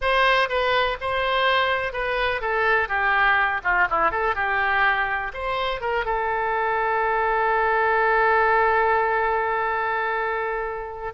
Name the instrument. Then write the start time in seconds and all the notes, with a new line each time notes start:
oboe
0.01 C5
0.49 B4
1.00 C5
1.92 B4
2.41 A4
2.88 G4
3.63 F4
3.90 E4
4.11 A4
4.35 G4
5.33 C5
5.80 A#4
6.05 A4